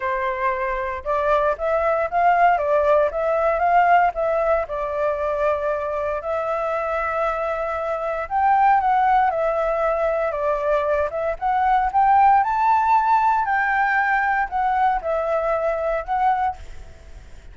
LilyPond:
\new Staff \with { instrumentName = "flute" } { \time 4/4 \tempo 4 = 116 c''2 d''4 e''4 | f''4 d''4 e''4 f''4 | e''4 d''2. | e''1 |
g''4 fis''4 e''2 | d''4. e''8 fis''4 g''4 | a''2 g''2 | fis''4 e''2 fis''4 | }